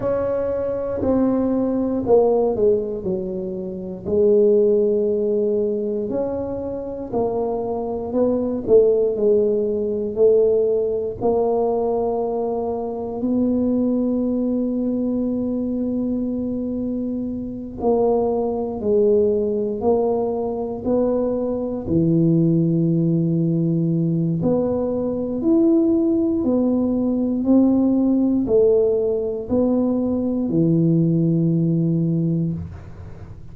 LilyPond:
\new Staff \with { instrumentName = "tuba" } { \time 4/4 \tempo 4 = 59 cis'4 c'4 ais8 gis8 fis4 | gis2 cis'4 ais4 | b8 a8 gis4 a4 ais4~ | ais4 b2.~ |
b4. ais4 gis4 ais8~ | ais8 b4 e2~ e8 | b4 e'4 b4 c'4 | a4 b4 e2 | }